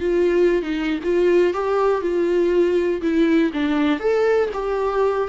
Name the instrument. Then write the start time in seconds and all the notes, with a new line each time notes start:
viola
0.00 F4
0.62 D#4
1.04 F4
1.54 G4
2.01 F4
3.02 E4
3.53 D4
4.00 A4
4.53 G4